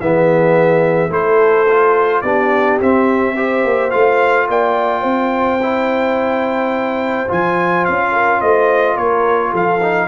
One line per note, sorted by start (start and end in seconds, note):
0.00 1.10 E3
0.00 1.10 B3
0.00 1.12 G#4
0.00 1.12 E5
1.10 2.22 A3
1.10 1.66 E4
1.10 2.22 A4
1.10 2.21 C5
1.69 2.25 F4
2.21 2.79 B3
2.21 2.81 D4
2.21 3.34 G4
2.21 2.78 D5
2.80 3.64 C4
2.80 3.36 C4
2.80 3.91 E5
3.36 3.91 G4
3.36 4.48 C5
3.64 3.92 A#3
3.91 4.48 A3
3.91 5.60 F4
3.91 4.47 F5
4.48 5.04 A#3
4.48 5.01 D5
4.48 7.31 G5
5.01 7.28 C4
5.01 8.09 C5
5.62 7.28 E4
7.28 7.87 F3
7.28 9.80 F4
7.28 7.85 G#5
7.85 8.42 C#4
7.85 8.41 F5
8.11 8.39 A#4
8.41 8.96 A3
8.41 8.95 C5
8.41 8.97 D#5
8.95 9.52 A#3
8.95 9.51 A#4
8.95 9.53 C#5
9.51 10.08 F3
9.51 10.07 A4
9.51 10.08 F5
9.82 10.08 D#4